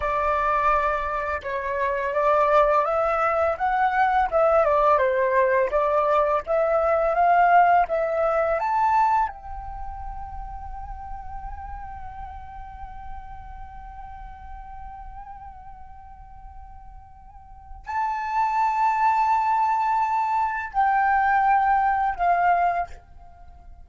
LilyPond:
\new Staff \with { instrumentName = "flute" } { \time 4/4 \tempo 4 = 84 d''2 cis''4 d''4 | e''4 fis''4 e''8 d''8 c''4 | d''4 e''4 f''4 e''4 | a''4 g''2.~ |
g''1~ | g''1~ | g''4 a''2.~ | a''4 g''2 f''4 | }